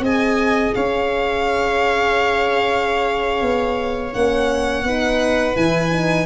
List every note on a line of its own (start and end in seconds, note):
0.00 0.71 C4
0.00 4.13 G#4
0.00 0.76 D#5
0.00 0.74 G#5
0.74 3.42 C#4
0.74 4.87 C#5
0.74 4.13 F5
3.42 4.13 B3
4.13 4.83 A#3
4.13 4.84 C#4
4.13 5.56 F#5
4.83 5.55 B3
4.83 5.54 D#4
4.83 6.26 B4
5.54 6.26 E3
5.54 5.90 E4
5.54 6.26 G#5
5.92 6.26 D#4